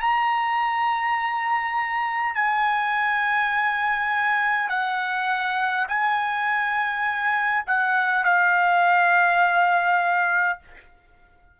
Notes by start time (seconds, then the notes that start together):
0.00 A#5
2.35 G#5
4.70 F#5
5.88 G#5
7.67 F#5
8.25 F5